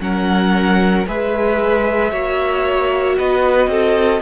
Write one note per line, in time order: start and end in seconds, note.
0.00 1.06 F#3
0.00 1.05 C#4
0.00 1.08 A#4
0.00 1.07 F#5
1.07 2.13 G#3
1.07 2.12 G#4
1.07 2.12 B4
1.07 3.19 E5
2.12 3.18 A#3
2.12 4.22 F#4
2.12 3.17 C#5
3.17 3.68 B3
3.17 3.70 B4
3.17 4.22 D#5
3.68 4.20 C4
3.68 4.22 A4